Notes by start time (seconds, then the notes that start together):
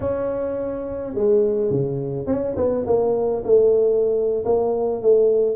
0.00 C#4
1.14 G#3
1.70 C#3
2.26 C#4
2.56 B3
2.86 A#3
3.44 A3
4.45 A#3
5.02 A3